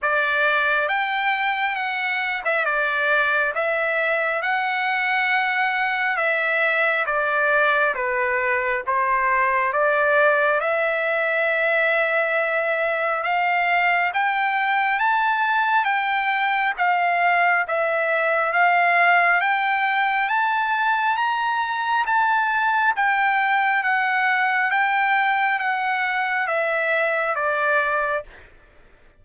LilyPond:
\new Staff \with { instrumentName = "trumpet" } { \time 4/4 \tempo 4 = 68 d''4 g''4 fis''8. e''16 d''4 | e''4 fis''2 e''4 | d''4 b'4 c''4 d''4 | e''2. f''4 |
g''4 a''4 g''4 f''4 | e''4 f''4 g''4 a''4 | ais''4 a''4 g''4 fis''4 | g''4 fis''4 e''4 d''4 | }